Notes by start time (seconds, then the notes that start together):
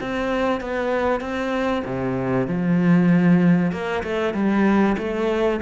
0.00 C4
0.61 B3
1.20 C4
1.85 C3
2.47 F3
3.71 A#3
4.03 A3
4.34 G3
4.97 A3